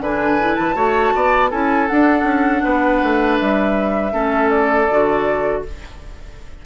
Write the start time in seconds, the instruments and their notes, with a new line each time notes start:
0.00 bassoon D3, clarinet D4, oboe B4, flute G#5
0.40 clarinet E4
0.56 bassoon E3, flute A5
0.75 bassoon A3, clarinet F#4, oboe C#5
1.15 bassoon B3, oboe D5
1.50 bassoon C#4, clarinet E4, oboe A4, flute G#5
1.88 clarinet D4, bassoon D4, flute F#5
2.23 bassoon C#4
2.64 bassoon B3, oboe B4
3.03 bassoon A3
3.39 bassoon G3, flute E5
4.12 bassoon A3, clarinet C#4, oboe A4
4.50 flute D5
4.90 bassoon D3, clarinet F#4